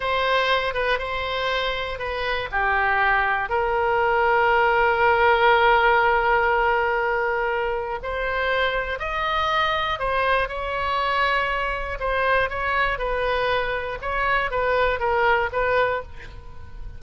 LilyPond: \new Staff \with { instrumentName = "oboe" } { \time 4/4 \tempo 4 = 120 c''4. b'8 c''2 | b'4 g'2 ais'4~ | ais'1~ | ais'1 |
c''2 dis''2 | c''4 cis''2. | c''4 cis''4 b'2 | cis''4 b'4 ais'4 b'4 | }